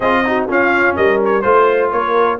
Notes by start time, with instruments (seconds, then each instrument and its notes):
0.00 tuba C4, trombone F4, horn G#4, trumpet D#5
0.24 trombone D#4, horn F#4
0.48 tuba C#4, trombone C#4, horn F4, trumpet F5
0.96 tuba G3, horn A#4, trumpet D#5
1.24 trumpet C#5
1.41 tuba A3, trombone F4, trumpet C5, horn C5
1.91 tuba A#3, horn A#4, trumpet C#5